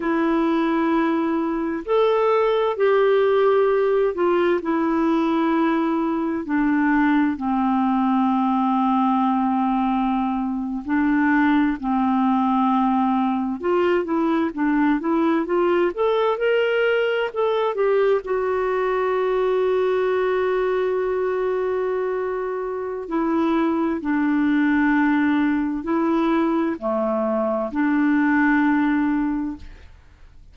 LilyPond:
\new Staff \with { instrumentName = "clarinet" } { \time 4/4 \tempo 4 = 65 e'2 a'4 g'4~ | g'8 f'8 e'2 d'4 | c'2.~ c'8. d'16~ | d'8. c'2 f'8 e'8 d'16~ |
d'16 e'8 f'8 a'8 ais'4 a'8 g'8 fis'16~ | fis'1~ | fis'4 e'4 d'2 | e'4 a4 d'2 | }